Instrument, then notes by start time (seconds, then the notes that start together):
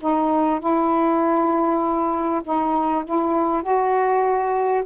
saxophone
0.00 D#4
0.60 E4
2.44 D#4
3.05 E4
3.62 F#4